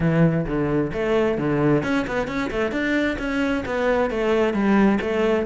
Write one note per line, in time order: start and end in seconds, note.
0.00 0.45 E3
0.46 0.91 D3
0.93 1.38 A3
1.38 1.83 D3
1.83 2.06 C#4
2.07 2.27 B3
2.27 2.50 C#4
2.51 2.71 A3
2.71 3.17 D4
3.18 3.64 C#4
3.65 4.10 B3
4.10 4.53 A3
4.53 4.99 G3
5.00 5.45 A3